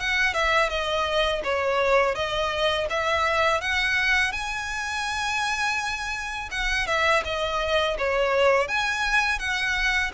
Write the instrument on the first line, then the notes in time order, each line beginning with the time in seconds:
violin
0.00 F#5
0.34 E5
0.70 D#5
1.44 C#5
2.15 D#5
2.90 E5
3.61 F#5
4.33 G#5
6.52 F#5
6.87 E5
7.25 D#5
7.98 C#5
8.68 G#5
9.39 F#5